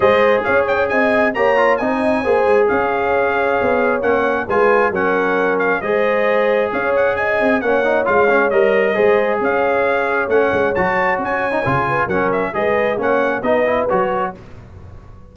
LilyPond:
<<
  \new Staff \with { instrumentName = "trumpet" } { \time 4/4 \tempo 4 = 134 dis''4 f''8 g''8 gis''4 ais''4 | gis''2 f''2~ | f''4 fis''4 gis''4 fis''4~ | fis''8 f''8 dis''2 f''8 fis''8 |
gis''4 fis''4 f''4 dis''4~ | dis''4 f''2 fis''4 | a''4 gis''2 fis''8 e''8 | dis''4 fis''4 dis''4 cis''4 | }
  \new Staff \with { instrumentName = "horn" } { \time 4/4 c''4 cis''4 dis''4 cis''4 | dis''8. cis''16 c''4 cis''2~ | cis''2 b'4 ais'4~ | ais'4 c''2 cis''4 |
dis''4 cis''2. | c''4 cis''2.~ | cis''2~ cis''8 b'8 ais'4 | b'4 cis''4 b'2 | }
  \new Staff \with { instrumentName = "trombone" } { \time 4/4 gis'2. g'8 f'8 | dis'4 gis'2.~ | gis'4 cis'4 f'4 cis'4~ | cis'4 gis'2.~ |
gis'4 cis'8 dis'8 f'8 cis'8 ais'4 | gis'2. cis'4 | fis'4.~ fis'16 dis'16 f'4 cis'4 | gis'4 cis'4 dis'8 e'8 fis'4 | }
  \new Staff \with { instrumentName = "tuba" } { \time 4/4 gis4 cis'4 c'4 ais4 | c'4 ais8 gis8 cis'2 | b4 ais4 gis4 fis4~ | fis4 gis2 cis'4~ |
cis'8 c'8 ais4 gis4 g4 | gis4 cis'2 a8 gis8 | fis4 cis'4 cis4 fis4 | gis4 ais4 b4 fis4 | }
>>